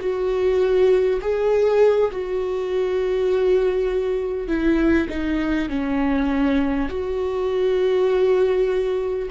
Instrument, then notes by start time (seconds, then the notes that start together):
viola
0.00 F#4
1.21 G#4
2.12 F#4
4.48 E4
5.09 D#4
5.69 C#4
6.89 F#4